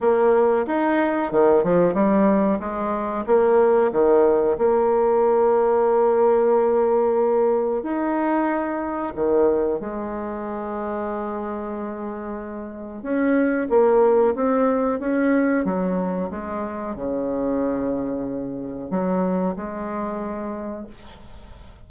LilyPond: \new Staff \with { instrumentName = "bassoon" } { \time 4/4 \tempo 4 = 92 ais4 dis'4 dis8 f8 g4 | gis4 ais4 dis4 ais4~ | ais1 | dis'2 dis4 gis4~ |
gis1 | cis'4 ais4 c'4 cis'4 | fis4 gis4 cis2~ | cis4 fis4 gis2 | }